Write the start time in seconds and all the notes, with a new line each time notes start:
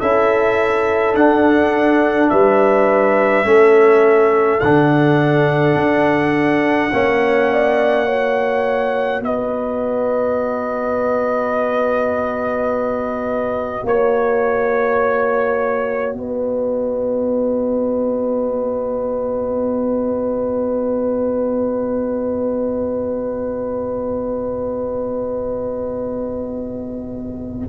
0.00 C#4 E4 A4 E5
1.15 D4 F#5
2.30 G3 B4 E5
3.44 A3 C#4 A4
4.61 D3 D4 F#5
5.76 D4
6.91 A#3 C#4 C#5
7.53 D5
8.06 F#4 C#5
9.20 B3 B4 D#5
13.85 A#3 C#5
16.13 B3 B4 D#5